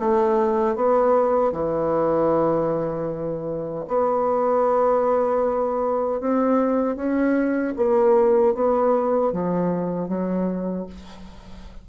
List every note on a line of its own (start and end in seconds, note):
0.00 0.75 A3
0.75 1.52 B3
1.52 3.86 E3
3.88 6.21 B3
6.21 6.96 C4
6.96 7.74 C#4
7.76 8.54 A#3
8.55 9.33 B3
9.33 10.08 F3
10.08 10.86 F#3